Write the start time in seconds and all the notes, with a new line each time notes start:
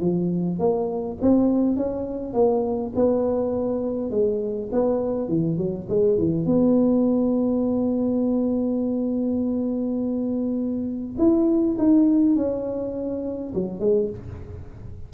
0.00 F3
0.59 A#3
1.21 C4
1.76 C#4
2.33 A#3
2.95 B3
4.10 G#3
4.71 B3
5.28 E3
5.57 F#3
5.89 G#3
6.18 E3
6.45 B3
11.18 E4
11.78 D#4
12.35 C#4
13.54 F#3
13.80 G#3